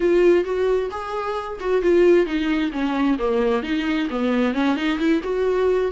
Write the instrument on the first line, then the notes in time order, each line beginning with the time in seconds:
viola
0.00 F4
0.44 F#4
0.90 G#4
1.60 F#4
1.82 F4
2.25 D#4
2.72 C#4
3.19 A#3
3.63 D#4
4.10 B3
4.54 C#4
4.76 D#4
4.98 E4
5.23 F#4